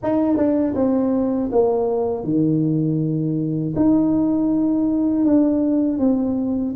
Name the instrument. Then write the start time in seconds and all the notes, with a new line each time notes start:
tuba
0.02 D#4
0.36 D4
0.75 C4
1.51 A#3
2.24 D#3
3.76 D#4
5.25 D4
5.99 C4